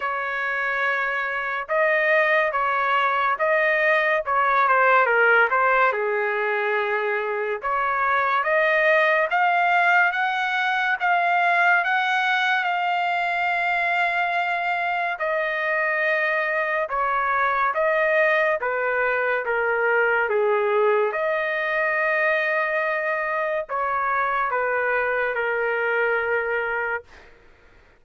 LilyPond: \new Staff \with { instrumentName = "trumpet" } { \time 4/4 \tempo 4 = 71 cis''2 dis''4 cis''4 | dis''4 cis''8 c''8 ais'8 c''8 gis'4~ | gis'4 cis''4 dis''4 f''4 | fis''4 f''4 fis''4 f''4~ |
f''2 dis''2 | cis''4 dis''4 b'4 ais'4 | gis'4 dis''2. | cis''4 b'4 ais'2 | }